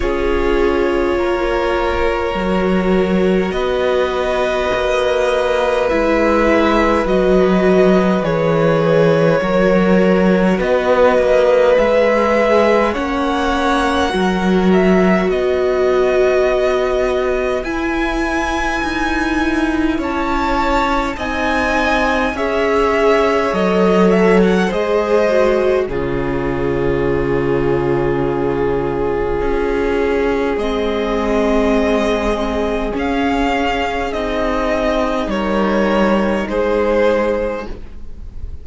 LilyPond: <<
  \new Staff \with { instrumentName = "violin" } { \time 4/4 \tempo 4 = 51 cis''2. dis''4~ | dis''4 e''4 dis''4 cis''4~ | cis''4 dis''4 e''4 fis''4~ | fis''8 e''8 dis''2 gis''4~ |
gis''4 a''4 gis''4 e''4 | dis''8 e''16 fis''16 dis''4 cis''2~ | cis''2 dis''2 | f''4 dis''4 cis''4 c''4 | }
  \new Staff \with { instrumentName = "violin" } { \time 4/4 gis'4 ais'2 b'4~ | b'1 | ais'4 b'2 cis''4 | ais'4 b'2.~ |
b'4 cis''4 dis''4 cis''4~ | cis''4 c''4 gis'2~ | gis'1~ | gis'2 ais'4 gis'4 | }
  \new Staff \with { instrumentName = "viola" } { \time 4/4 f'2 fis'2~ | fis'4 e'4 fis'4 gis'4 | fis'2 gis'4 cis'4 | fis'2. e'4~ |
e'2 dis'4 gis'4 | a'4 gis'8 fis'8 f'2~ | f'2 c'2 | cis'4 dis'2. | }
  \new Staff \with { instrumentName = "cello" } { \time 4/4 cis'4 ais4 fis4 b4 | ais4 gis4 fis4 e4 | fis4 b8 ais8 gis4 ais4 | fis4 b2 e'4 |
dis'4 cis'4 c'4 cis'4 | fis4 gis4 cis2~ | cis4 cis'4 gis2 | cis'4 c'4 g4 gis4 | }
>>